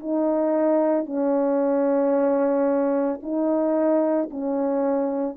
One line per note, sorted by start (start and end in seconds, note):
0.00 1.06 D#4
1.06 3.20 C#4
3.22 4.30 D#4
4.31 5.37 C#4